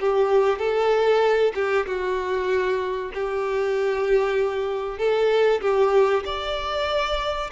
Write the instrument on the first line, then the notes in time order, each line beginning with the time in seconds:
violin
0.00 G4
0.59 A4
1.54 G4
1.86 F#4
3.14 G4
4.98 A4
5.61 G4
6.25 D5